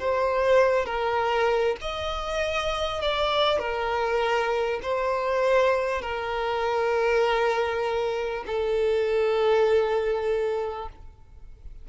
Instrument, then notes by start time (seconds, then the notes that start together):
violin
0.00 C5
0.86 A#4
1.82 D#5
3.02 D5
3.59 A#4
4.83 C5
6.02 A#4
8.47 A4